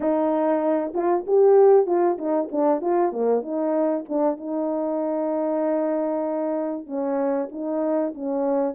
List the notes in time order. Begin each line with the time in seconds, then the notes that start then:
0.00 D#4
0.94 F4
1.26 G4
1.86 F4
2.18 D#4
2.51 D4
2.81 F4
3.12 A#3
3.42 D#4
4.09 D4
4.37 D#4
6.86 C#4
7.51 D#4
8.14 C#4